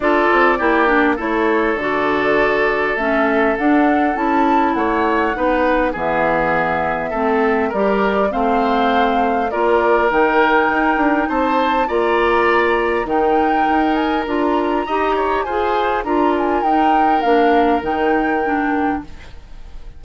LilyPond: <<
  \new Staff \with { instrumentName = "flute" } { \time 4/4 \tempo 4 = 101 d''2 cis''4 d''4~ | d''4 e''4 fis''4 a''4 | fis''2 e''2~ | e''4 d''4 f''2 |
d''4 g''2 a''4 | ais''2 g''4. gis''8 | ais''2 gis''4 ais''8 gis''8 | g''4 f''4 g''2 | }
  \new Staff \with { instrumentName = "oboe" } { \time 4/4 a'4 g'4 a'2~ | a'1 | cis''4 b'4 gis'2 | a'4 ais'4 c''2 |
ais'2. c''4 | d''2 ais'2~ | ais'4 dis''8 cis''8 c''4 ais'4~ | ais'1 | }
  \new Staff \with { instrumentName = "clarinet" } { \time 4/4 f'4 e'8 d'8 e'4 fis'4~ | fis'4 cis'4 d'4 e'4~ | e'4 dis'4 b2 | c'4 g'4 c'2 |
f'4 dis'2. | f'2 dis'2 | f'4 g'4 gis'4 f'4 | dis'4 d'4 dis'4 d'4 | }
  \new Staff \with { instrumentName = "bassoon" } { \time 4/4 d'8 c'8 ais4 a4 d4~ | d4 a4 d'4 cis'4 | a4 b4 e2 | a4 g4 a2 |
ais4 dis4 dis'8 d'8 c'4 | ais2 dis4 dis'4 | d'4 dis'4 f'4 d'4 | dis'4 ais4 dis2 | }
>>